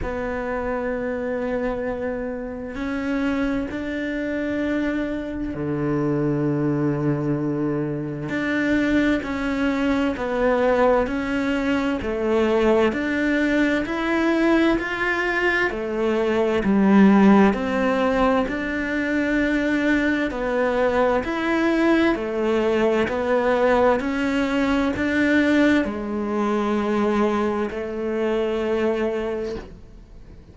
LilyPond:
\new Staff \with { instrumentName = "cello" } { \time 4/4 \tempo 4 = 65 b2. cis'4 | d'2 d2~ | d4 d'4 cis'4 b4 | cis'4 a4 d'4 e'4 |
f'4 a4 g4 c'4 | d'2 b4 e'4 | a4 b4 cis'4 d'4 | gis2 a2 | }